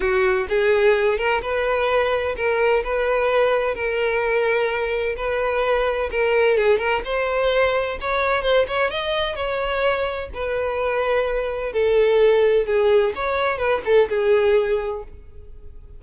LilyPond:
\new Staff \with { instrumentName = "violin" } { \time 4/4 \tempo 4 = 128 fis'4 gis'4. ais'8 b'4~ | b'4 ais'4 b'2 | ais'2. b'4~ | b'4 ais'4 gis'8 ais'8 c''4~ |
c''4 cis''4 c''8 cis''8 dis''4 | cis''2 b'2~ | b'4 a'2 gis'4 | cis''4 b'8 a'8 gis'2 | }